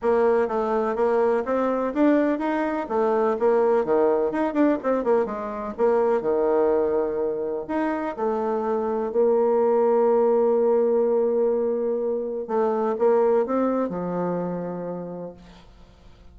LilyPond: \new Staff \with { instrumentName = "bassoon" } { \time 4/4 \tempo 4 = 125 ais4 a4 ais4 c'4 | d'4 dis'4 a4 ais4 | dis4 dis'8 d'8 c'8 ais8 gis4 | ais4 dis2. |
dis'4 a2 ais4~ | ais1~ | ais2 a4 ais4 | c'4 f2. | }